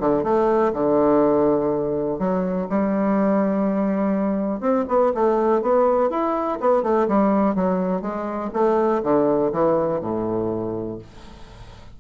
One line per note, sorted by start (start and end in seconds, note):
0.00 0.24 D3
0.24 0.73 A3
0.73 2.19 D3
2.19 2.68 F#3
2.70 4.61 G3
4.61 4.85 C4
4.88 5.13 B3
5.15 5.62 A3
5.62 6.10 B3
6.10 6.59 E4
6.61 6.83 B3
6.83 7.07 A3
7.08 7.55 G3
7.55 8.02 F#3
8.02 8.51 G#3
8.54 9.02 A3
9.03 9.52 D3
9.53 10.01 E3
10.01 10.98 A2